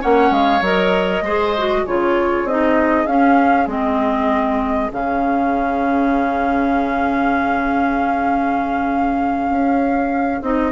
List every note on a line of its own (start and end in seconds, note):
0.00 0.31 A#3
0.00 0.61 C#4
0.00 1.24 C#5
0.00 0.33 F#5
0.31 0.61 G#3
0.31 0.64 F5
0.62 1.22 F#3
0.62 1.25 A#4
0.62 1.87 D#5
1.22 1.83 G#3
1.22 1.58 G#4
1.22 1.82 C5
1.58 1.87 F#4
1.82 2.45 C#3
1.82 2.48 F4
1.82 10.70 G#4
1.82 2.48 C#5
2.45 3.06 C4
2.45 3.08 D#4
2.45 3.07 D#5
3.07 3.67 C#4
3.07 3.68 C#4
3.07 3.68 F5
3.67 4.90 G#3
3.67 4.91 C4
3.67 4.92 D#5
4.92 9.50 C#3
4.92 10.43 C#4
4.92 10.43 F5
9.50 10.42 C#4
10.42 10.72 C4
10.42 10.72 D#4
10.42 10.72 D#5